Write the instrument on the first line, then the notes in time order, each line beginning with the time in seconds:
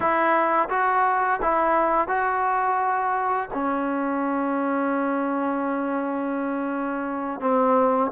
trombone
0.00 E4
0.69 F#4
1.41 E4
2.08 F#4
3.53 C#4
7.40 C4